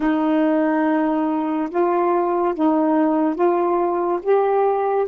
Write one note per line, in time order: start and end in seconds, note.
0.00 1.69 D#4
1.69 2.54 F4
2.55 3.35 D#4
3.35 4.19 F4
4.22 5.07 G4